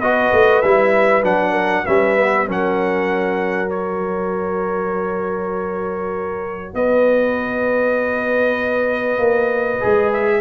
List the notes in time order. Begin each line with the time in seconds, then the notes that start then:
0.00 B3 F#4 B4 D#5
0.33 A3
0.62 G3 E4 E5
1.23 F#3 D4 F#5
1.52 A#4
1.86 G3 C#4 B4 E5
2.17 B3
2.47 F#3 C#4 A#4 F#5
3.69 F#4 C#5
6.74 B3 B4 D#5
9.18 A#3
9.81 G#3 G#4
10.14 E5